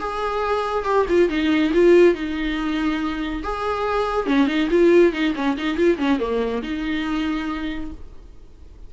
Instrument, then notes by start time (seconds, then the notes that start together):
viola
0.00 G#4
0.85 G4
1.09 F4
1.30 D#4
1.74 F4
2.15 D#4
3.43 G#4
4.27 C#4
4.47 D#4
4.71 F4
5.13 D#4
5.36 C#4
5.58 D#4
5.77 F4
5.98 C#4
6.19 A#3
6.63 D#4